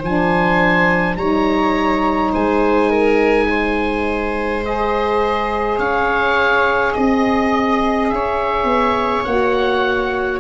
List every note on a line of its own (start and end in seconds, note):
0.00 1.17 F3
0.00 1.18 D4
0.00 1.15 C5
0.00 1.17 G#5
1.17 2.32 G3
1.17 4.64 D#4
1.17 2.33 C#5
1.17 2.32 A#5
2.33 5.79 G#3
2.33 2.90 C5
2.33 4.65 G#5
2.90 3.48 A#4
3.50 5.80 C5
4.64 9.26 G#4
4.64 5.80 D#5
5.79 6.94 C#4
5.79 6.96 C#5
5.79 6.94 F5
6.94 8.12 C4
6.94 8.09 D#5
6.94 8.12 D#5
8.09 8.64 C#4
8.09 10.40 C#5
8.09 9.24 E5
8.64 9.22 B3
9.24 10.40 A#3
9.24 10.40 F#4
9.24 10.40 F#5